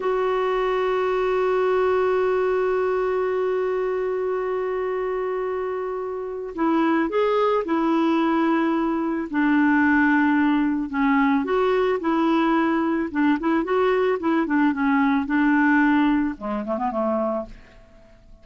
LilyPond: \new Staff \with { instrumentName = "clarinet" } { \time 4/4 \tempo 4 = 110 fis'1~ | fis'1~ | fis'1 | e'4 gis'4 e'2~ |
e'4 d'2. | cis'4 fis'4 e'2 | d'8 e'8 fis'4 e'8 d'8 cis'4 | d'2 gis8 a16 b16 a4 | }